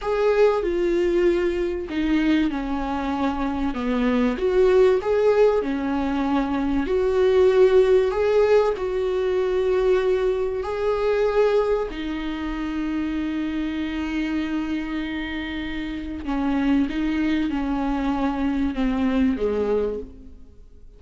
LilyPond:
\new Staff \with { instrumentName = "viola" } { \time 4/4 \tempo 4 = 96 gis'4 f'2 dis'4 | cis'2 b4 fis'4 | gis'4 cis'2 fis'4~ | fis'4 gis'4 fis'2~ |
fis'4 gis'2 dis'4~ | dis'1~ | dis'2 cis'4 dis'4 | cis'2 c'4 gis4 | }